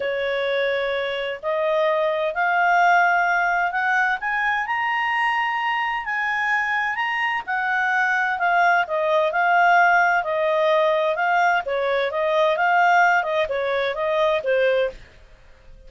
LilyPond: \new Staff \with { instrumentName = "clarinet" } { \time 4/4 \tempo 4 = 129 cis''2. dis''4~ | dis''4 f''2. | fis''4 gis''4 ais''2~ | ais''4 gis''2 ais''4 |
fis''2 f''4 dis''4 | f''2 dis''2 | f''4 cis''4 dis''4 f''4~ | f''8 dis''8 cis''4 dis''4 c''4 | }